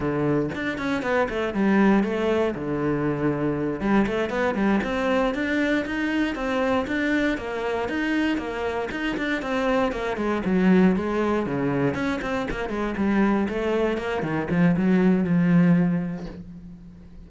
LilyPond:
\new Staff \with { instrumentName = "cello" } { \time 4/4 \tempo 4 = 118 d4 d'8 cis'8 b8 a8 g4 | a4 d2~ d8 g8 | a8 b8 g8 c'4 d'4 dis'8~ | dis'8 c'4 d'4 ais4 dis'8~ |
dis'8 ais4 dis'8 d'8 c'4 ais8 | gis8 fis4 gis4 cis4 cis'8 | c'8 ais8 gis8 g4 a4 ais8 | dis8 f8 fis4 f2 | }